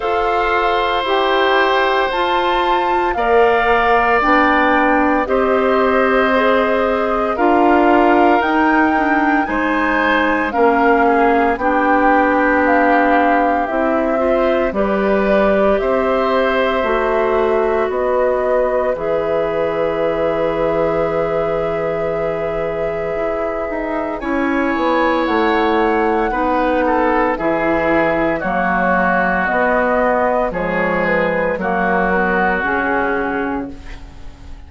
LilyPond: <<
  \new Staff \with { instrumentName = "flute" } { \time 4/4 \tempo 4 = 57 f''4 g''4 a''4 f''4 | g''4 dis''2 f''4 | g''4 gis''4 f''4 g''4 | f''4 e''4 d''4 e''4~ |
e''4 dis''4 e''2~ | e''2. gis''4 | fis''2 e''4 cis''4 | dis''4 cis''8 b'8 ais'4 gis'4 | }
  \new Staff \with { instrumentName = "oboe" } { \time 4/4 c''2. d''4~ | d''4 c''2 ais'4~ | ais'4 c''4 ais'8 gis'8 g'4~ | g'4. c''8 b'4 c''4~ |
c''4 b'2.~ | b'2. cis''4~ | cis''4 b'8 a'8 gis'4 fis'4~ | fis'4 gis'4 fis'2 | }
  \new Staff \with { instrumentName = "clarinet" } { \time 4/4 a'4 g'4 f'4 ais'4 | d'4 g'4 gis'4 f'4 | dis'8 d'8 dis'4 cis'4 d'4~ | d'4 e'8 f'8 g'2 |
fis'2 gis'2~ | gis'2. e'4~ | e'4 dis'4 e'4 ais4 | b4 gis4 ais8 b8 cis'4 | }
  \new Staff \with { instrumentName = "bassoon" } { \time 4/4 f'4 e'4 f'4 ais4 | b4 c'2 d'4 | dis'4 gis4 ais4 b4~ | b4 c'4 g4 c'4 |
a4 b4 e2~ | e2 e'8 dis'8 cis'8 b8 | a4 b4 e4 fis4 | b4 f4 fis4 cis4 | }
>>